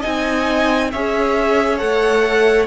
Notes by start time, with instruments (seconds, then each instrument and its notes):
0.00 cello C4, viola D#4, violin D#5 G#5
0.92 cello C#4, viola G#4, violin C#5 E5
1.78 cello A3, viola A4, violin F#5